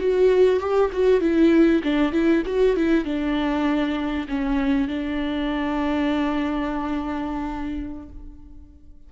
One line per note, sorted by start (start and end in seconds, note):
0.00 0.60 F#4
0.60 0.91 G4
0.93 1.21 F#4
1.21 1.82 E4
1.83 2.12 D4
2.12 2.43 E4
2.46 2.76 F#4
2.76 3.05 E4
3.05 4.27 D4
4.28 4.88 C#4
4.88 8.09 D4